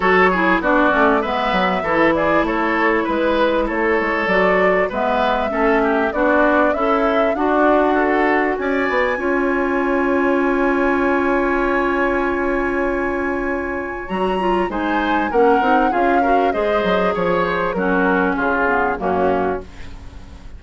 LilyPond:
<<
  \new Staff \with { instrumentName = "flute" } { \time 4/4 \tempo 4 = 98 cis''4 d''4 e''4. d''8 | cis''4 b'4 cis''4 d''4 | e''2 d''4 e''4 | fis''2 gis''2~ |
gis''1~ | gis''2. ais''4 | gis''4 fis''4 f''4 dis''4 | cis''8 c''8 ais'4 gis'4 fis'4 | }
  \new Staff \with { instrumentName = "oboe" } { \time 4/4 a'8 gis'8 fis'4 b'4 a'8 gis'8 | a'4 b'4 a'2 | b'4 a'8 g'8 fis'4 e'4 | d'4 a'4 d''4 cis''4~ |
cis''1~ | cis''1 | c''4 ais'4 gis'8 ais'8 c''4 | cis''4 fis'4 f'4 cis'4 | }
  \new Staff \with { instrumentName = "clarinet" } { \time 4/4 fis'8 e'8 d'8 cis'8 b4 e'4~ | e'2. fis'4 | b4 cis'4 d'4 a'4 | fis'2. f'4~ |
f'1~ | f'2. fis'8 f'8 | dis'4 cis'8 dis'8 f'8 fis'8 gis'4~ | gis'4 cis'4. b8 ais4 | }
  \new Staff \with { instrumentName = "bassoon" } { \time 4/4 fis4 b8 a8 gis8 fis8 e4 | a4 gis4 a8 gis8 fis4 | gis4 a4 b4 cis'4 | d'2 cis'8 b8 cis'4~ |
cis'1~ | cis'2. fis4 | gis4 ais8 c'8 cis'4 gis8 fis8 | f4 fis4 cis4 fis,4 | }
>>